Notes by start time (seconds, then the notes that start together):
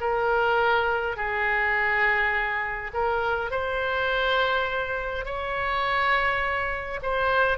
0.00 A#4
1.16 G#4
2.94 A#4
3.51 C5
5.25 C#5
7.02 C5